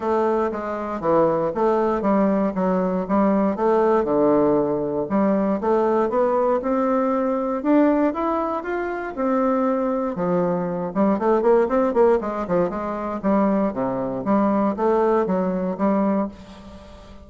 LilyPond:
\new Staff \with { instrumentName = "bassoon" } { \time 4/4 \tempo 4 = 118 a4 gis4 e4 a4 | g4 fis4 g4 a4 | d2 g4 a4 | b4 c'2 d'4 |
e'4 f'4 c'2 | f4. g8 a8 ais8 c'8 ais8 | gis8 f8 gis4 g4 c4 | g4 a4 fis4 g4 | }